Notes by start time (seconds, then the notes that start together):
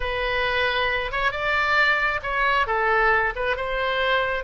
0.00 B4
1.11 C#5
1.31 D5
2.22 C#5
2.67 A4
3.35 B4
3.56 C5